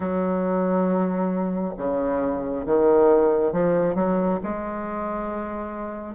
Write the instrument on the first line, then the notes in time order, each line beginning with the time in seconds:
bassoon
0.00 F#3
1.77 C#3
2.66 D#3
3.52 F3
3.95 F#3
4.43 G#3